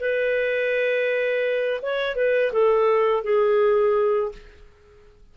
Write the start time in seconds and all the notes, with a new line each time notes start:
0.00 B4
1.82 C#5
2.16 B4
2.52 A4
3.24 G#4